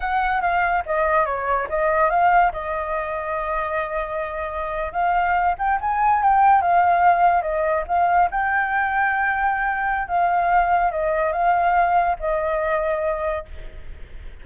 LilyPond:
\new Staff \with { instrumentName = "flute" } { \time 4/4 \tempo 4 = 143 fis''4 f''4 dis''4 cis''4 | dis''4 f''4 dis''2~ | dis''2.~ dis''8. f''16~ | f''4~ f''16 g''8 gis''4 g''4 f''16~ |
f''4.~ f''16 dis''4 f''4 g''16~ | g''1 | f''2 dis''4 f''4~ | f''4 dis''2. | }